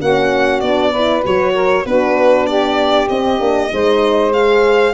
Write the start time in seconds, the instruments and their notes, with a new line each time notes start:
0.00 tuba A#3, horn C#4, saxophone F#4, violin F#5
0.60 tuba B3, horn D4, violin D5
0.91 horn E4, saxophone B4
1.22 tuba F#3, horn F#4, violin C#5
1.53 saxophone A#4
1.85 tuba B3, horn D4, saxophone F#4, violin B4
2.46 saxophone G4, violin D5
3.09 tuba C4, horn C4, violin D#5
3.38 tuba A#3, horn D4
3.71 tuba G#3, horn D#4, saxophone C5
4.32 horn G#4, violin F5